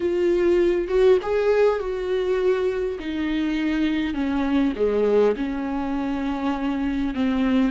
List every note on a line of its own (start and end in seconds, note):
0.00 0.88 F4
0.88 1.17 F#4
1.22 1.79 G#4
1.79 2.98 F#4
2.99 4.13 D#4
4.13 4.73 C#4
4.76 5.35 G#3
5.36 7.14 C#4
7.14 7.71 C4